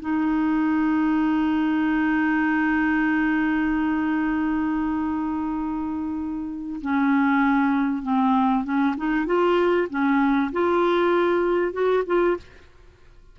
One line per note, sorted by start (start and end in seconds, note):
0.00 6.80 D#4
6.81 8.03 C#4
8.03 8.64 C4
8.64 8.95 C#4
8.97 9.26 D#4
9.26 9.88 F4
9.90 10.52 C#4
10.52 11.72 F4
11.72 12.03 F#4
12.06 12.37 F4